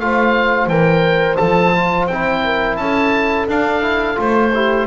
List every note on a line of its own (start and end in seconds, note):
0.00 0.67 A3
0.00 0.70 F4
0.00 2.44 C5
0.00 0.69 F5
0.67 1.37 E3
0.67 1.38 A#4
0.67 1.37 G5
1.37 2.07 F3
1.37 1.73 A4
1.37 2.07 A5
1.75 2.10 F4
2.07 2.77 C4
2.07 3.49 E4
2.07 2.77 G5
2.44 2.79 A#4
2.77 3.47 C#4
2.77 4.55 A4
2.77 3.47 A5
3.48 4.18 D4
3.48 3.82 D4
3.48 4.20 F5
3.82 4.16 E4
4.16 4.87 A3
4.16 4.51 F4
4.16 4.87 C5
4.55 4.87 E4
4.55 4.87 G4